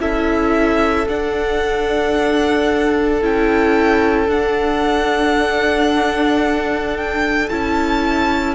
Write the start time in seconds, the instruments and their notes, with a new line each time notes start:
0.00 cello C#4, viola E4, violin A4 E5
1.08 cello D4, viola D4, violin F#5
3.22 cello C#4, viola E4, violin G5
4.28 viola D4, cello D4, violin F#5
6.97 violin G5
7.50 cello C#4, viola E4, violin A5